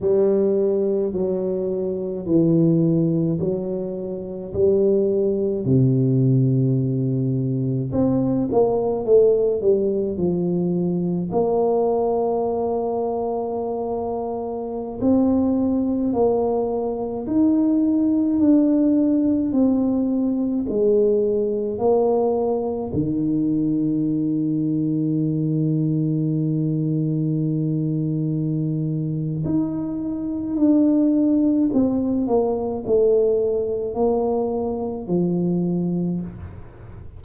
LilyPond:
\new Staff \with { instrumentName = "tuba" } { \time 4/4 \tempo 4 = 53 g4 fis4 e4 fis4 | g4 c2 c'8 ais8 | a8 g8 f4 ais2~ | ais4~ ais16 c'4 ais4 dis'8.~ |
dis'16 d'4 c'4 gis4 ais8.~ | ais16 dis2.~ dis8.~ | dis2 dis'4 d'4 | c'8 ais8 a4 ais4 f4 | }